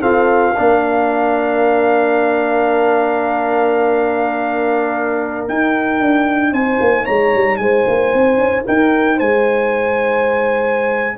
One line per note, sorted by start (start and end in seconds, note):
0.00 0.54 C4
0.00 0.57 F4
0.00 0.53 A4
0.00 5.46 F5
0.55 5.48 A#3
0.55 5.47 D4
0.55 6.52 A#4
5.47 11.17 D#4
5.47 6.00 D#4
5.47 6.53 G5
6.00 6.52 D4
6.52 6.78 C4
6.52 7.04 C5
6.52 7.05 G#5
6.80 7.06 A#3
7.04 7.34 G#3
7.04 7.57 C#5
7.04 7.56 A#5
7.34 7.58 G3
7.56 7.84 G#3
7.56 8.66 C5
7.56 8.62 G#5
7.87 8.13 A#3
8.13 8.37 C4
8.37 8.63 C#4
8.66 9.20 D#4
8.66 9.16 A#4
8.66 9.19 G5
9.16 11.17 G#3
9.16 11.15 C5
9.16 11.17 G#5